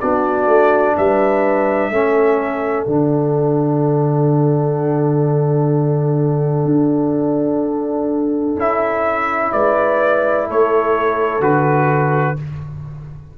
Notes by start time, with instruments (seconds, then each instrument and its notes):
0.00 tuba B3, trombone D4, horn F#4, trumpet D5
0.47 tuba A3
0.98 tuba G3, horn B4, trumpet E5
1.91 tuba A3, trombone C#4, horn A4
2.84 tuba D3, trombone D4, trumpet F#5
6.65 tuba D4
8.57 tuba C#4, trombone E4, trumpet E5
9.53 tuba G#3, horn B4, trumpet D5
10.47 tuba A3, horn A4, trumpet C#5
11.41 tuba D3, trombone F#4, trumpet B4